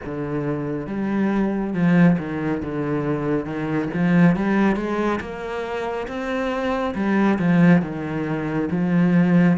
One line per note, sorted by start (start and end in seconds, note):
0.05 0.87 D3
0.87 1.73 G3
1.73 2.17 F3
2.18 2.62 D#3
2.62 3.45 D3
3.45 3.89 D#3
3.93 4.36 F3
4.36 4.76 G3
4.76 5.19 G#3
5.20 6.07 A#3
6.07 6.94 C4
6.94 7.38 G3
7.38 7.82 F3
7.82 8.69 D#3
8.70 9.57 F3